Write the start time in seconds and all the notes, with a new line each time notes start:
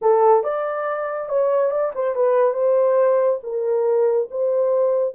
0.01 A4
0.43 D5
1.29 C#5
1.70 D5
1.94 C5
2.15 B4
2.53 C5
3.43 A#4
4.30 C5